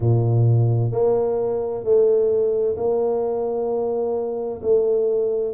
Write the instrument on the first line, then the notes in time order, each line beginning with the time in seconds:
tuba
0.00 A#2
0.91 A#3
1.83 A3
2.76 A#3
4.62 A3